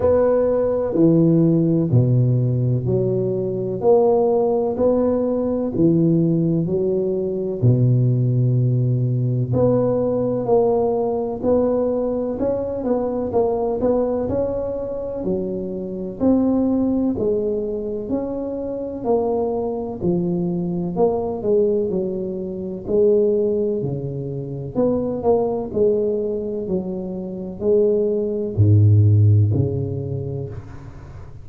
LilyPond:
\new Staff \with { instrumentName = "tuba" } { \time 4/4 \tempo 4 = 63 b4 e4 b,4 fis4 | ais4 b4 e4 fis4 | b,2 b4 ais4 | b4 cis'8 b8 ais8 b8 cis'4 |
fis4 c'4 gis4 cis'4 | ais4 f4 ais8 gis8 fis4 | gis4 cis4 b8 ais8 gis4 | fis4 gis4 gis,4 cis4 | }